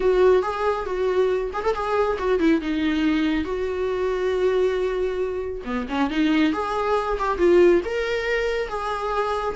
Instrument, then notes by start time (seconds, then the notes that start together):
viola
0.00 F#4
0.42 G#4
0.85 F#4
1.53 G#4
1.64 A4
1.74 G#4
2.18 F#4
2.39 E4
2.61 D#4
3.44 F#4
5.64 B3
5.88 C#4
6.09 D#4
6.52 G#4
7.19 G4
7.38 F4
7.84 A#4
8.68 G#4